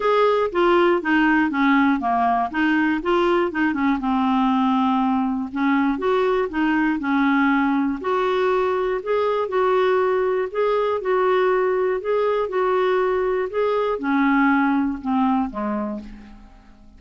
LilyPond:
\new Staff \with { instrumentName = "clarinet" } { \time 4/4 \tempo 4 = 120 gis'4 f'4 dis'4 cis'4 | ais4 dis'4 f'4 dis'8 cis'8 | c'2. cis'4 | fis'4 dis'4 cis'2 |
fis'2 gis'4 fis'4~ | fis'4 gis'4 fis'2 | gis'4 fis'2 gis'4 | cis'2 c'4 gis4 | }